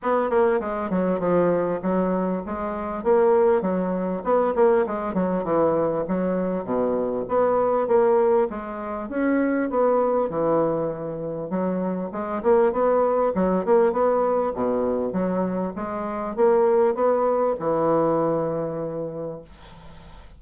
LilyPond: \new Staff \with { instrumentName = "bassoon" } { \time 4/4 \tempo 4 = 99 b8 ais8 gis8 fis8 f4 fis4 | gis4 ais4 fis4 b8 ais8 | gis8 fis8 e4 fis4 b,4 | b4 ais4 gis4 cis'4 |
b4 e2 fis4 | gis8 ais8 b4 fis8 ais8 b4 | b,4 fis4 gis4 ais4 | b4 e2. | }